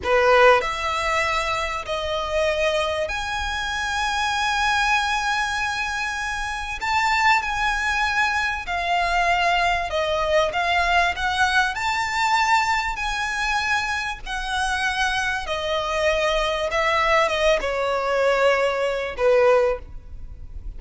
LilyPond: \new Staff \with { instrumentName = "violin" } { \time 4/4 \tempo 4 = 97 b'4 e''2 dis''4~ | dis''4 gis''2.~ | gis''2. a''4 | gis''2 f''2 |
dis''4 f''4 fis''4 a''4~ | a''4 gis''2 fis''4~ | fis''4 dis''2 e''4 | dis''8 cis''2~ cis''8 b'4 | }